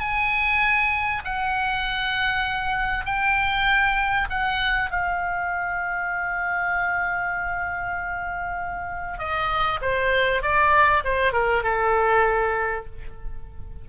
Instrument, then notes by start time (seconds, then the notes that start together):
oboe
0.00 G#5
1.24 F#5
3.06 G5
4.30 F#5
4.90 F5
9.19 D#5
9.81 C5
10.42 D5
11.04 C5
11.33 A#4
11.63 A4